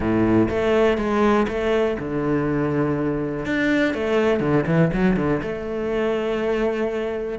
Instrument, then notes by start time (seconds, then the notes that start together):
cello
0.00 A2
0.49 A3
0.97 G#3
1.48 A3
1.99 D3
3.45 D4
3.93 A3
4.40 D3
4.66 E3
4.93 F#3
5.16 D3
5.42 A3